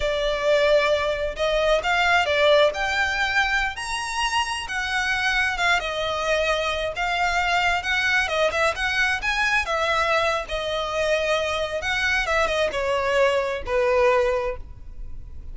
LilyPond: \new Staff \with { instrumentName = "violin" } { \time 4/4 \tempo 4 = 132 d''2. dis''4 | f''4 d''4 g''2~ | g''16 ais''2 fis''4.~ fis''16~ | fis''16 f''8 dis''2~ dis''8 f''8.~ |
f''4~ f''16 fis''4 dis''8 e''8 fis''8.~ | fis''16 gis''4 e''4.~ e''16 dis''4~ | dis''2 fis''4 e''8 dis''8 | cis''2 b'2 | }